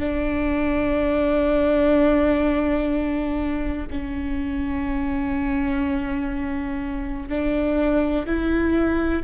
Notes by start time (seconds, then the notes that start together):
0.00 D4
3.91 C#4
7.29 D4
8.26 E4